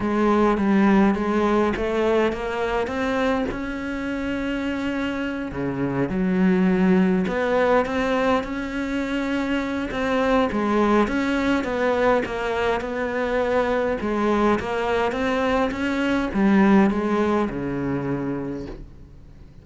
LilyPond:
\new Staff \with { instrumentName = "cello" } { \time 4/4 \tempo 4 = 103 gis4 g4 gis4 a4 | ais4 c'4 cis'2~ | cis'4. cis4 fis4.~ | fis8 b4 c'4 cis'4.~ |
cis'4 c'4 gis4 cis'4 | b4 ais4 b2 | gis4 ais4 c'4 cis'4 | g4 gis4 cis2 | }